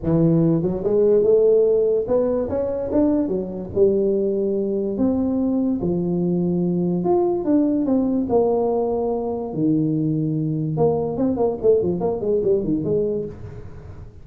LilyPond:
\new Staff \with { instrumentName = "tuba" } { \time 4/4 \tempo 4 = 145 e4. fis8 gis4 a4~ | a4 b4 cis'4 d'4 | fis4 g2. | c'2 f2~ |
f4 f'4 d'4 c'4 | ais2. dis4~ | dis2 ais4 c'8 ais8 | a8 f8 ais8 gis8 g8 dis8 gis4 | }